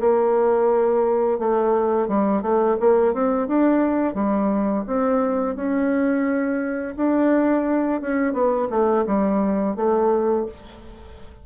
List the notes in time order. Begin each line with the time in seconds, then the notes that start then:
0.00 A#3
1.39 A3
2.08 G3
2.42 A3
2.80 A#3
3.13 C4
3.47 D4
4.14 G3
4.87 C4
5.56 C#4
6.96 D4
8.01 C#4
8.33 B3
8.70 A3
9.06 G3
9.76 A3